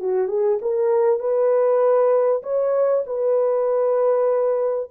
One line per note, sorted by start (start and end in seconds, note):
0.00 0.28 F#4
0.28 0.59 G#4
0.62 1.20 A#4
1.20 2.42 B4
2.43 3.04 C#5
3.06 4.90 B4